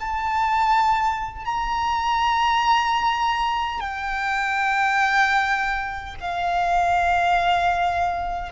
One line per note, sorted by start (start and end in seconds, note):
0.00 1.45 A5
1.45 3.80 A#5
3.80 6.16 G5
6.20 8.52 F5